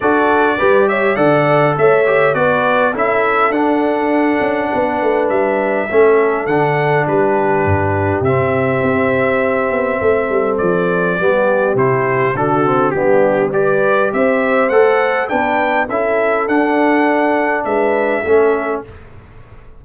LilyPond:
<<
  \new Staff \with { instrumentName = "trumpet" } { \time 4/4 \tempo 4 = 102 d''4. e''8 fis''4 e''4 | d''4 e''4 fis''2~ | fis''4 e''2 fis''4 | b'2 e''2~ |
e''2 d''2 | c''4 a'4 g'4 d''4 | e''4 fis''4 g''4 e''4 | fis''2 e''2 | }
  \new Staff \with { instrumentName = "horn" } { \time 4/4 a'4 b'8 cis''8 d''4 cis''4 | b'4 a'2. | b'2 a'2 | g'1~ |
g'4 a'2 g'4~ | g'4 fis'4 d'4 b'4 | c''2 b'4 a'4~ | a'2 b'4 a'4 | }
  \new Staff \with { instrumentName = "trombone" } { \time 4/4 fis'4 g'4 a'4. g'8 | fis'4 e'4 d'2~ | d'2 cis'4 d'4~ | d'2 c'2~ |
c'2. b4 | e'4 d'8 c'8 b4 g'4~ | g'4 a'4 d'4 e'4 | d'2. cis'4 | }
  \new Staff \with { instrumentName = "tuba" } { \time 4/4 d'4 g4 d4 a4 | b4 cis'4 d'4. cis'8 | b8 a8 g4 a4 d4 | g4 g,4 c4 c'4~ |
c'8 b8 a8 g8 f4 g4 | c4 d4 g2 | c'4 a4 b4 cis'4 | d'2 gis4 a4 | }
>>